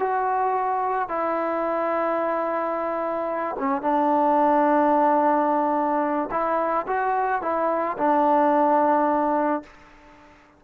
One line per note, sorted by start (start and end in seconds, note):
0.00 1.09 F#4
1.09 3.57 E4
3.60 3.82 C#4
3.82 6.30 D4
6.32 6.87 E4
6.87 7.42 F#4
7.42 7.97 E4
7.98 9.63 D4